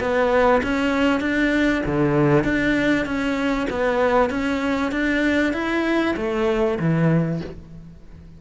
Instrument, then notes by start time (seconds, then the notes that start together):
cello
0.00 B3
0.63 C#4
1.21 D4
1.86 D3
2.44 D4
3.06 C#4
3.70 B3
4.30 C#4
4.92 D4
5.53 E4
6.17 A3
6.79 E3